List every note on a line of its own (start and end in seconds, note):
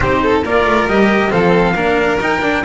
0.00 0.43 C4
0.00 0.43 D#4
0.00 0.22 G4
0.00 0.43 C5
0.22 0.44 A4
0.44 0.65 A#3
0.44 0.89 F4
0.44 1.30 A#4
0.44 0.88 D5
0.65 0.87 A3
0.87 1.31 G3
0.87 1.29 G4
0.87 1.32 D#5
1.29 1.74 F3
1.29 1.74 C4
1.29 1.74 A4
1.29 2.20 F5
1.74 2.18 A#3
1.74 2.19 D4
1.74 2.63 A#4
2.20 2.42 D#4
2.20 2.64 G5
2.42 2.64 D4